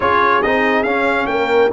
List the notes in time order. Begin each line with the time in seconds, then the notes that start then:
0.00 C#4 F4 G#4 C#5
0.42 C4 D#4 D#5
0.83 C#4 F5
1.26 A#3 A#4 G5